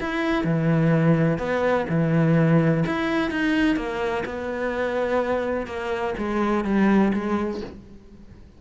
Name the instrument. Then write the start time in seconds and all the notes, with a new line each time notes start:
cello
0.00 E4
0.44 E3
1.38 B3
1.89 E3
2.86 E4
3.31 D#4
3.76 A#3
4.25 B3
5.66 A#3
6.18 G#3
6.65 G3
7.13 G#3